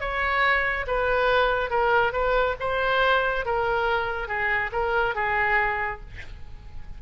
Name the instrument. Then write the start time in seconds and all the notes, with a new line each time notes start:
oboe
0.00 C#5
0.87 B4
1.70 A#4
2.12 B4
2.60 C5
3.45 A#4
4.27 G#4
4.72 A#4
5.15 G#4